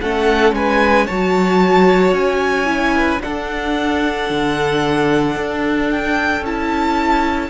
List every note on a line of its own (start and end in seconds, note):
0.00 0.52 A3
0.00 1.08 C#4
0.00 0.55 A4
0.00 0.54 F#5
0.52 1.06 G#3
0.52 1.06 B4
0.52 1.07 G#5
1.06 2.12 F#3
1.06 2.65 F#4
1.06 2.94 C#5
1.06 2.14 A5
2.12 3.19 C#4
2.12 3.21 G#5
2.65 3.19 E4
2.95 3.22 B4
3.20 6.41 D4
3.20 4.29 D4
3.20 7.50 A4
3.20 5.90 F#5
4.29 5.36 D3
5.36 6.40 D4
5.91 6.44 G5
6.40 7.48 C#4
6.40 7.50 E4
6.40 7.50 A5